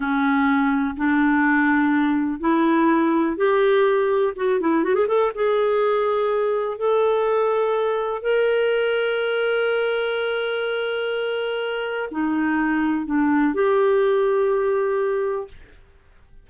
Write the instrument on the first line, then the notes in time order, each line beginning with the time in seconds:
clarinet
0.00 C#4
0.97 D4
2.40 E4
3.37 G4
4.36 F#4
4.60 E4
4.83 F#4
4.94 G#4
5.07 A4
5.34 G#4
6.77 A4
8.22 A#4
12.11 D#4
13.05 D4
13.54 G4